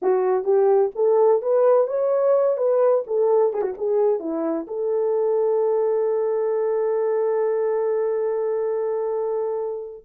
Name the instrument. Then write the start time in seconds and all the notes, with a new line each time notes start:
horn
0.01 F#4
0.43 G4
0.95 A4
1.42 B4
1.87 C#5
2.57 B4
3.06 A4
3.53 G#4
3.61 F#4
3.77 G#4
4.19 E4
4.67 A4